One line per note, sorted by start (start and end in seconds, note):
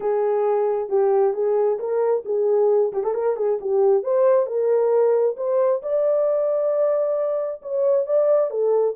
0.00 0.89 G#4
0.89 1.33 G4
1.33 1.78 G#4
1.79 2.23 A#4
2.25 2.92 G#4
2.92 3.03 G4
3.03 3.13 A4
3.13 3.36 A#4
3.36 3.59 G#4
3.60 4.03 G4
4.03 4.46 C5
4.46 5.36 A#4
5.36 5.81 C5
5.82 7.61 D5
7.62 8.05 C#5
8.05 8.50 D5
8.50 8.95 A4